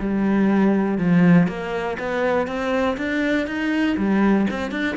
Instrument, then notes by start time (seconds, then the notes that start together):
cello
0.00 G3
0.98 F3
1.48 A#3
1.99 B3
2.48 C4
2.98 D4
3.47 D#4
3.98 G3
4.51 C4
4.71 D4